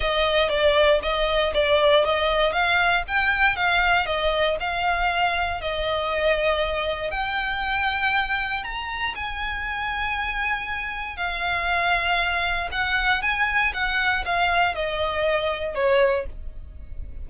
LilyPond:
\new Staff \with { instrumentName = "violin" } { \time 4/4 \tempo 4 = 118 dis''4 d''4 dis''4 d''4 | dis''4 f''4 g''4 f''4 | dis''4 f''2 dis''4~ | dis''2 g''2~ |
g''4 ais''4 gis''2~ | gis''2 f''2~ | f''4 fis''4 gis''4 fis''4 | f''4 dis''2 cis''4 | }